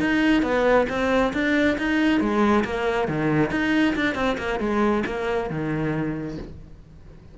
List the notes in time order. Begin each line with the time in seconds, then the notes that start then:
0.00 D#4
0.42 B3
0.89 C4
1.33 D4
1.78 D#4
2.20 G#3
2.64 A#3
3.08 D#3
3.51 D#4
3.96 D4
4.15 C4
4.38 A#3
4.60 G#3
5.06 A#3
5.50 D#3